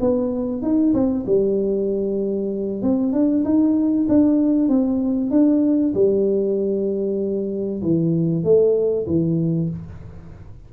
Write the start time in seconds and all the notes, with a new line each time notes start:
0.00 B3
0.62 D#4
0.93 C4
1.26 G3
2.82 C4
3.12 D4
3.44 D#4
4.08 D4
4.68 C4
5.30 D4
5.94 G3
7.82 E3
8.43 A3
9.07 E3